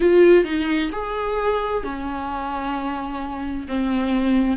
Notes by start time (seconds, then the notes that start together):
0.00 F4
0.44 D#4
0.92 G#4
1.83 C#4
3.67 C4